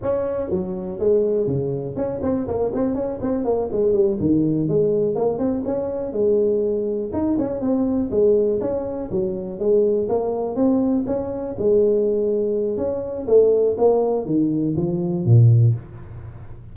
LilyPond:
\new Staff \with { instrumentName = "tuba" } { \time 4/4 \tempo 4 = 122 cis'4 fis4 gis4 cis4 | cis'8 c'8 ais8 c'8 cis'8 c'8 ais8 gis8 | g8 dis4 gis4 ais8 c'8 cis'8~ | cis'8 gis2 dis'8 cis'8 c'8~ |
c'8 gis4 cis'4 fis4 gis8~ | gis8 ais4 c'4 cis'4 gis8~ | gis2 cis'4 a4 | ais4 dis4 f4 ais,4 | }